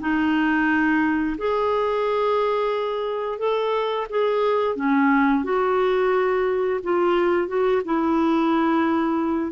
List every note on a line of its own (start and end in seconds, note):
0.00 1.36 D#4
1.38 3.38 G#4
3.38 4.07 A4
4.09 4.76 G#4
4.76 5.44 C#4
5.44 6.80 F#4
6.83 7.48 F4
7.48 7.82 F#4
7.85 9.51 E4